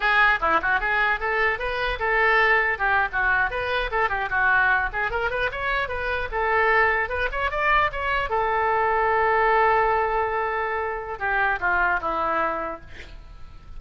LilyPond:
\new Staff \with { instrumentName = "oboe" } { \time 4/4 \tempo 4 = 150 gis'4 e'8 fis'8 gis'4 a'4 | b'4 a'2 g'8. fis'16~ | fis'8. b'4 a'8 g'8 fis'4~ fis'16~ | fis'16 gis'8 ais'8 b'8 cis''4 b'4 a'16~ |
a'4.~ a'16 b'8 cis''8 d''4 cis''16~ | cis''8. a'2.~ a'16~ | a'1 | g'4 f'4 e'2 | }